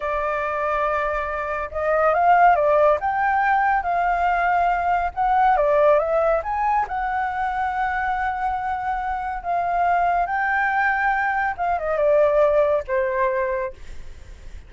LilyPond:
\new Staff \with { instrumentName = "flute" } { \time 4/4 \tempo 4 = 140 d''1 | dis''4 f''4 d''4 g''4~ | g''4 f''2. | fis''4 d''4 e''4 gis''4 |
fis''1~ | fis''2 f''2 | g''2. f''8 dis''8 | d''2 c''2 | }